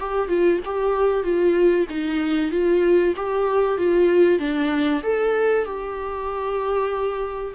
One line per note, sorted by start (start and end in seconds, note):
0.00 0.29 G4
0.29 0.60 F4
0.65 1.24 G4
1.24 1.87 F4
1.90 2.51 D#4
2.51 3.15 F4
3.17 3.78 G4
3.78 4.39 F4
4.39 5.02 D4
5.04 5.65 A4
5.65 7.55 G4